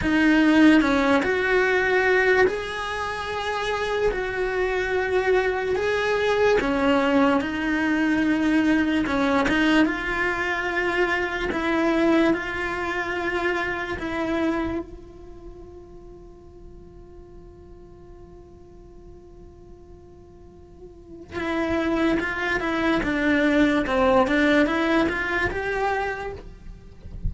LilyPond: \new Staff \with { instrumentName = "cello" } { \time 4/4 \tempo 4 = 73 dis'4 cis'8 fis'4. gis'4~ | gis'4 fis'2 gis'4 | cis'4 dis'2 cis'8 dis'8 | f'2 e'4 f'4~ |
f'4 e'4 f'2~ | f'1~ | f'2 e'4 f'8 e'8 | d'4 c'8 d'8 e'8 f'8 g'4 | }